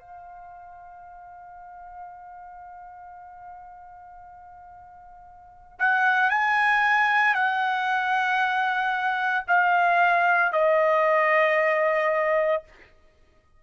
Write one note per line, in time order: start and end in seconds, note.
0.00 5.79 F5
5.79 6.30 F#5
6.30 7.34 G#5
7.34 9.45 F#5
9.48 10.53 F5
10.53 12.63 D#5